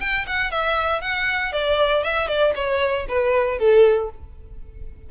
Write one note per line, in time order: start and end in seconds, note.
0.00 0.26 G5
0.27 0.51 F#5
0.51 1.01 E5
1.01 1.52 F#5
1.52 2.04 D5
2.04 2.28 E5
2.28 2.53 D5
2.55 3.06 C#5
3.08 3.59 B4
3.59 4.10 A4